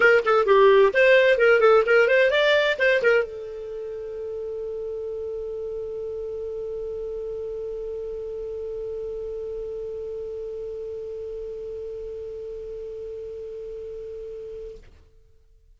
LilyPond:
\new Staff \with { instrumentName = "clarinet" } { \time 4/4 \tempo 4 = 130 ais'8 a'8 g'4 c''4 ais'8 a'8 | ais'8 c''8 d''4 c''8 ais'8 a'4~ | a'1~ | a'1~ |
a'1~ | a'1~ | a'1~ | a'1 | }